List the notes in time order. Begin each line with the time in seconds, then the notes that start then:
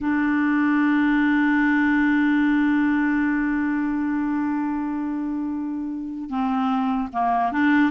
0.00 D4
6.29 C4
7.13 A#3
7.52 D4